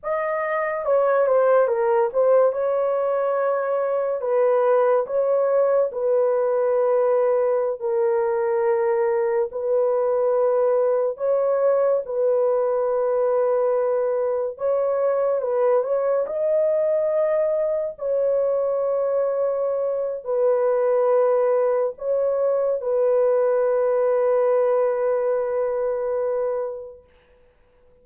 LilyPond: \new Staff \with { instrumentName = "horn" } { \time 4/4 \tempo 4 = 71 dis''4 cis''8 c''8 ais'8 c''8 cis''4~ | cis''4 b'4 cis''4 b'4~ | b'4~ b'16 ais'2 b'8.~ | b'4~ b'16 cis''4 b'4.~ b'16~ |
b'4~ b'16 cis''4 b'8 cis''8 dis''8.~ | dis''4~ dis''16 cis''2~ cis''8. | b'2 cis''4 b'4~ | b'1 | }